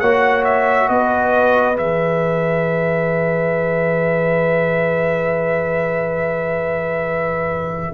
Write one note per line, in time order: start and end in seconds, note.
0.00 0.90 A#3
0.00 1.75 F#4
0.00 0.89 C#5
0.00 0.44 F#5
0.45 0.89 E5
0.89 1.78 B3
0.89 7.94 B4
0.89 1.78 D#5
1.75 7.94 E3
1.75 7.93 G#4
1.75 7.94 E5